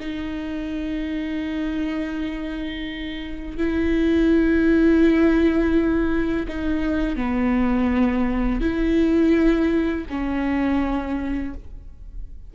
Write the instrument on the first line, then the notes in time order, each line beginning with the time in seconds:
viola
0.00 D#4
3.58 E4
6.48 D#4
7.17 B3
8.61 E4
10.10 C#4